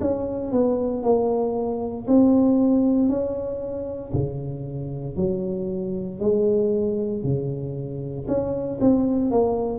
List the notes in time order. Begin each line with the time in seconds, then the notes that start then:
0.00 C#4
0.51 B3
1.03 A#3
2.07 C4
3.08 C#4
4.13 C#3
5.16 F#3
6.20 G#3
7.23 C#3
8.28 C#4
8.80 C4
9.31 A#3